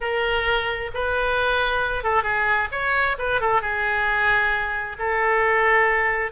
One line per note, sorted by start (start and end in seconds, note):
0.00 0.90 A#4
0.94 2.03 B4
2.03 2.23 A4
2.23 2.68 G#4
2.71 3.16 C#5
3.18 3.40 B4
3.40 3.61 A4
3.61 4.96 G#4
4.98 6.31 A4